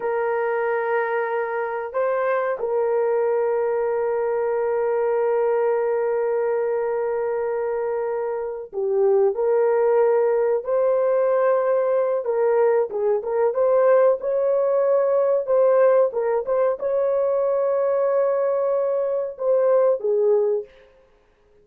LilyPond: \new Staff \with { instrumentName = "horn" } { \time 4/4 \tempo 4 = 93 ais'2. c''4 | ais'1~ | ais'1~ | ais'4. g'4 ais'4.~ |
ais'8 c''2~ c''8 ais'4 | gis'8 ais'8 c''4 cis''2 | c''4 ais'8 c''8 cis''2~ | cis''2 c''4 gis'4 | }